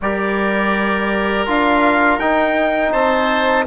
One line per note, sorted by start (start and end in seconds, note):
0.01 1.47 G3
0.01 1.46 G4
0.01 2.92 A#4
0.01 1.48 D5
1.46 2.18 D4
1.46 2.19 F4
1.46 2.19 F5
2.18 2.91 D#4
2.18 3.66 D#4
2.18 2.92 G5
2.92 3.66 C4
2.92 3.65 C5
2.92 3.66 A5